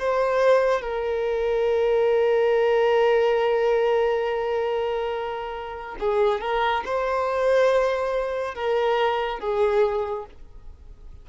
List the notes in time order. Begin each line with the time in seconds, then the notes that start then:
0.00 C5
0.82 A#4
6.00 G#4
6.41 A#4
6.86 C5
8.55 A#4
9.40 G#4